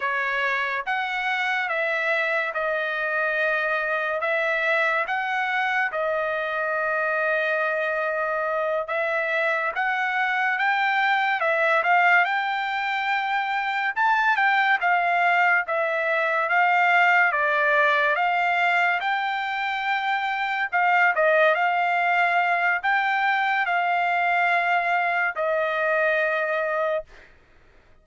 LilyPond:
\new Staff \with { instrumentName = "trumpet" } { \time 4/4 \tempo 4 = 71 cis''4 fis''4 e''4 dis''4~ | dis''4 e''4 fis''4 dis''4~ | dis''2~ dis''8 e''4 fis''8~ | fis''8 g''4 e''8 f''8 g''4.~ |
g''8 a''8 g''8 f''4 e''4 f''8~ | f''8 d''4 f''4 g''4.~ | g''8 f''8 dis''8 f''4. g''4 | f''2 dis''2 | }